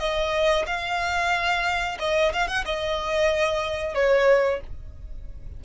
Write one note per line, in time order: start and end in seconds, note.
0.00 0.66 D#5
0.67 1.99 F5
2.00 2.33 D#5
2.33 2.48 F5
2.48 2.65 F#5
2.66 3.95 D#5
3.95 4.61 C#5